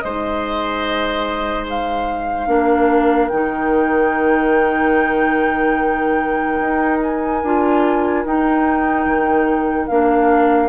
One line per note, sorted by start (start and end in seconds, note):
0.00 2.47 G#3
0.00 2.47 D#4
0.00 2.48 C5
0.00 1.64 D#5
1.69 3.29 F5
2.47 3.30 A#3
2.47 3.30 D4
2.47 10.69 A#4
3.29 6.60 D#3
3.29 7.44 D#4
3.29 6.98 G5
6.61 7.43 D#4
7.03 8.26 G#5
7.43 8.25 D4
7.43 8.25 F4
8.25 9.06 D#4
8.25 9.90 D#4
8.25 9.87 G5
9.06 9.88 D#3
9.87 10.69 A#3
9.87 10.69 D4
9.87 10.69 F5